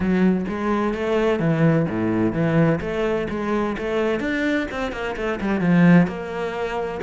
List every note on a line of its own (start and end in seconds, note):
0.00 0.45 F#3
0.48 0.94 G#3
0.94 1.39 A3
1.39 1.86 E3
1.89 2.32 A2
2.32 2.79 E3
2.80 3.27 A3
3.29 3.76 G#3
3.78 4.20 A3
4.20 4.67 D4
4.71 4.92 C4
4.92 5.15 A#3
5.16 5.39 A3
5.40 5.60 G3
5.60 6.07 F3
6.07 7.00 A#3